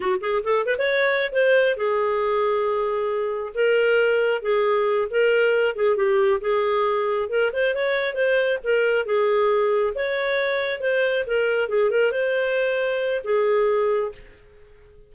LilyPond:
\new Staff \with { instrumentName = "clarinet" } { \time 4/4 \tempo 4 = 136 fis'8 gis'8 a'8 b'16 cis''4~ cis''16 c''4 | gis'1 | ais'2 gis'4. ais'8~ | ais'4 gis'8 g'4 gis'4.~ |
gis'8 ais'8 c''8 cis''4 c''4 ais'8~ | ais'8 gis'2 cis''4.~ | cis''8 c''4 ais'4 gis'8 ais'8 c''8~ | c''2 gis'2 | }